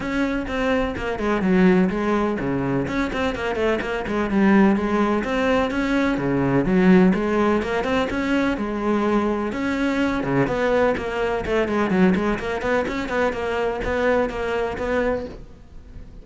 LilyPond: \new Staff \with { instrumentName = "cello" } { \time 4/4 \tempo 4 = 126 cis'4 c'4 ais8 gis8 fis4 | gis4 cis4 cis'8 c'8 ais8 a8 | ais8 gis8 g4 gis4 c'4 | cis'4 cis4 fis4 gis4 |
ais8 c'8 cis'4 gis2 | cis'4. cis8 b4 ais4 | a8 gis8 fis8 gis8 ais8 b8 cis'8 b8 | ais4 b4 ais4 b4 | }